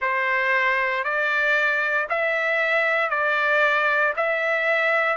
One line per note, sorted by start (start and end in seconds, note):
0.00 1.03 C5
1.03 2.07 D5
2.09 3.10 E5
3.10 4.13 D5
4.16 5.17 E5